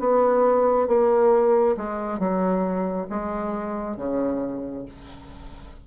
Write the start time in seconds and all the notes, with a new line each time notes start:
0.00 B3
0.88 A#3
1.77 G#3
2.19 F#3
3.10 G#3
3.97 C#3